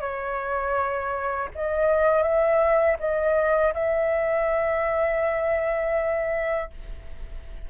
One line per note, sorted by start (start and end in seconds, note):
0.00 1.48 C#5
1.55 2.22 D#5
2.22 2.96 E5
2.99 3.73 D#5
3.73 6.70 E5